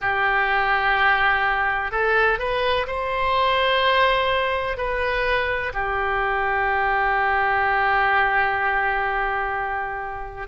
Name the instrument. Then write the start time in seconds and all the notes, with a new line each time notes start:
oboe
0.01 G4
1.91 A4
2.39 B4
2.87 C5
4.77 B4
5.73 G4